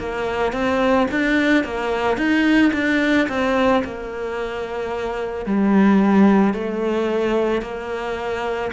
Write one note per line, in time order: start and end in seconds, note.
0.00 0.53 A#3
0.53 1.07 C4
1.11 1.65 D4
1.65 2.18 A#3
2.18 2.72 D#4
2.73 3.28 D4
3.29 3.83 C4
3.84 5.46 A#3
5.46 6.54 G3
6.54 7.62 A3
7.62 8.71 A#3